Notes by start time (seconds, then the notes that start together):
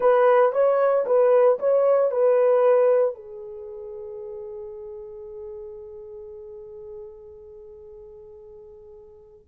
0.00 B4
0.52 C#5
1.06 B4
1.59 C#5
2.11 B4
3.14 G#4